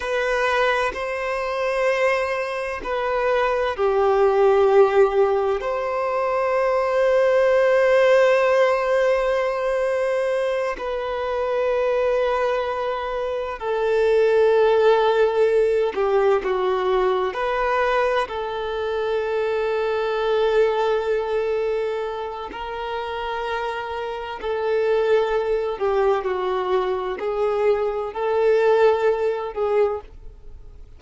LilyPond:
\new Staff \with { instrumentName = "violin" } { \time 4/4 \tempo 4 = 64 b'4 c''2 b'4 | g'2 c''2~ | c''2.~ c''8 b'8~ | b'2~ b'8 a'4.~ |
a'4 g'8 fis'4 b'4 a'8~ | a'1 | ais'2 a'4. g'8 | fis'4 gis'4 a'4. gis'8 | }